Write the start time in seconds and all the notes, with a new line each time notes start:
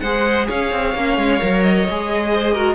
0.00 G#3 G#4 C5 F#5
0.47 C#4 C#5 F5
0.72 C4
0.94 A#3 C#4
1.17 G#3
1.40 F#3 A#4
1.63 D#5
1.89 G#3 G#4
2.33 C5
2.53 F#4 A#4